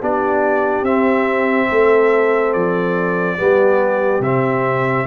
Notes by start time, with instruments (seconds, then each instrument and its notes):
0.00 tuba B3, trombone D4, horn G4, trumpet D5
0.82 tuba C4, trombone C4, trumpet E5
1.69 tuba A3, horn A4
2.53 tuba F3, trumpet D5
3.38 tuba G3, trombone B3, horn G4
4.20 tuba C3, trombone C4, trumpet E5